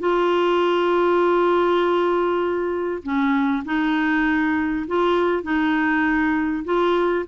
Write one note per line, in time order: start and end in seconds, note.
0.00 3.03 F4
3.03 3.64 C#4
3.66 4.87 D#4
4.88 5.43 F4
5.43 6.64 D#4
6.65 7.26 F4